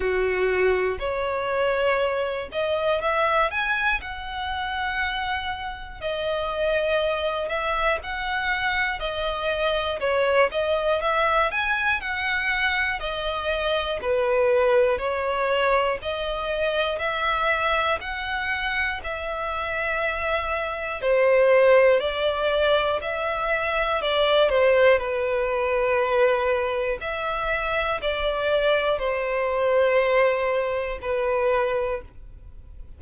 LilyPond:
\new Staff \with { instrumentName = "violin" } { \time 4/4 \tempo 4 = 60 fis'4 cis''4. dis''8 e''8 gis''8 | fis''2 dis''4. e''8 | fis''4 dis''4 cis''8 dis''8 e''8 gis''8 | fis''4 dis''4 b'4 cis''4 |
dis''4 e''4 fis''4 e''4~ | e''4 c''4 d''4 e''4 | d''8 c''8 b'2 e''4 | d''4 c''2 b'4 | }